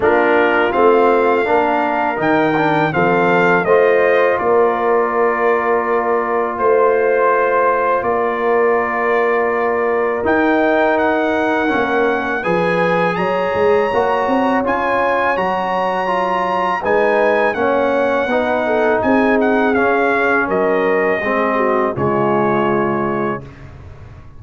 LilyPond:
<<
  \new Staff \with { instrumentName = "trumpet" } { \time 4/4 \tempo 4 = 82 ais'4 f''2 g''4 | f''4 dis''4 d''2~ | d''4 c''2 d''4~ | d''2 g''4 fis''4~ |
fis''4 gis''4 ais''2 | gis''4 ais''2 gis''4 | fis''2 gis''8 fis''8 f''4 | dis''2 cis''2 | }
  \new Staff \with { instrumentName = "horn" } { \time 4/4 f'2 ais'2 | a'4 c''4 ais'2~ | ais'4 c''2 ais'4~ | ais'1~ |
ais'4 b'4 cis''2~ | cis''2. b'4 | cis''4 b'8 a'8 gis'2 | ais'4 gis'8 fis'8 f'2 | }
  \new Staff \with { instrumentName = "trombone" } { \time 4/4 d'4 c'4 d'4 dis'8 d'8 | c'4 f'2.~ | f'1~ | f'2 dis'2 |
cis'4 gis'2 fis'4 | f'4 fis'4 f'4 dis'4 | cis'4 dis'2 cis'4~ | cis'4 c'4 gis2 | }
  \new Staff \with { instrumentName = "tuba" } { \time 4/4 ais4 a4 ais4 dis4 | f4 a4 ais2~ | ais4 a2 ais4~ | ais2 dis'2 |
ais4 f4 fis8 gis8 ais8 c'8 | cis'4 fis2 gis4 | ais4 b4 c'4 cis'4 | fis4 gis4 cis2 | }
>>